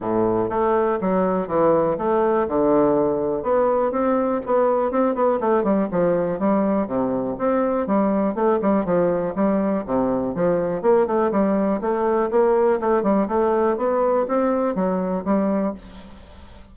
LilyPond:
\new Staff \with { instrumentName = "bassoon" } { \time 4/4 \tempo 4 = 122 a,4 a4 fis4 e4 | a4 d2 b4 | c'4 b4 c'8 b8 a8 g8 | f4 g4 c4 c'4 |
g4 a8 g8 f4 g4 | c4 f4 ais8 a8 g4 | a4 ais4 a8 g8 a4 | b4 c'4 fis4 g4 | }